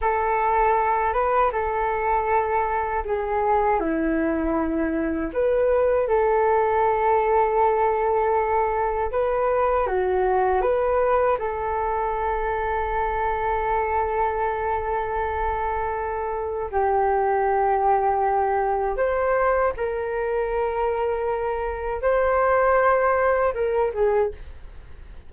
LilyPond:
\new Staff \with { instrumentName = "flute" } { \time 4/4 \tempo 4 = 79 a'4. b'8 a'2 | gis'4 e'2 b'4 | a'1 | b'4 fis'4 b'4 a'4~ |
a'1~ | a'2 g'2~ | g'4 c''4 ais'2~ | ais'4 c''2 ais'8 gis'8 | }